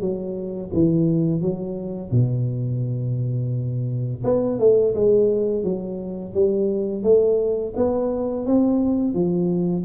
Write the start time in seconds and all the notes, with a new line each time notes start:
0.00 F#3
0.73 E3
1.41 F#3
2.11 B2
4.24 B3
4.59 A3
4.94 G#3
5.63 F#3
6.34 G3
7.03 A3
7.76 B3
8.45 C4
9.14 F3